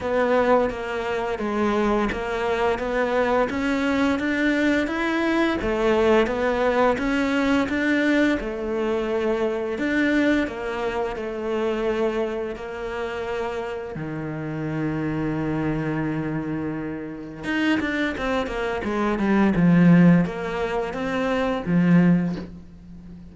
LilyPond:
\new Staff \with { instrumentName = "cello" } { \time 4/4 \tempo 4 = 86 b4 ais4 gis4 ais4 | b4 cis'4 d'4 e'4 | a4 b4 cis'4 d'4 | a2 d'4 ais4 |
a2 ais2 | dis1~ | dis4 dis'8 d'8 c'8 ais8 gis8 g8 | f4 ais4 c'4 f4 | }